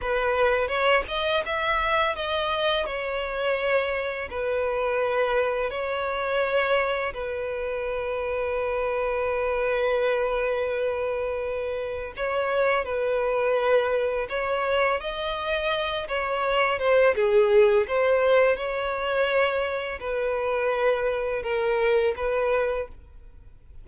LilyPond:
\new Staff \with { instrumentName = "violin" } { \time 4/4 \tempo 4 = 84 b'4 cis''8 dis''8 e''4 dis''4 | cis''2 b'2 | cis''2 b'2~ | b'1~ |
b'4 cis''4 b'2 | cis''4 dis''4. cis''4 c''8 | gis'4 c''4 cis''2 | b'2 ais'4 b'4 | }